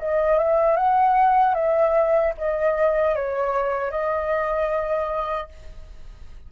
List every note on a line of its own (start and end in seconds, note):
0.00 0.39 D#5
0.39 0.77 E5
0.77 1.55 F#5
1.55 2.34 E5
2.38 3.15 D#5
3.15 3.91 C#5
3.91 5.49 D#5